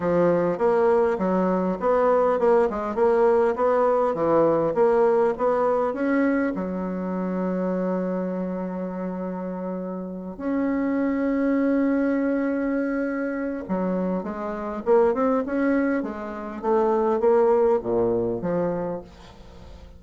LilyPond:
\new Staff \with { instrumentName = "bassoon" } { \time 4/4 \tempo 4 = 101 f4 ais4 fis4 b4 | ais8 gis8 ais4 b4 e4 | ais4 b4 cis'4 fis4~ | fis1~ |
fis4. cis'2~ cis'8~ | cis'2. fis4 | gis4 ais8 c'8 cis'4 gis4 | a4 ais4 ais,4 f4 | }